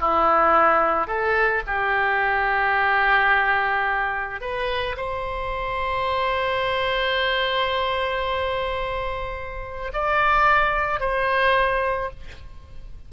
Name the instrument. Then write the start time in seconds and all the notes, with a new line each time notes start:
oboe
0.00 E4
1.07 A4
1.67 G4
4.41 B4
4.97 C5
9.93 D5
11.00 C5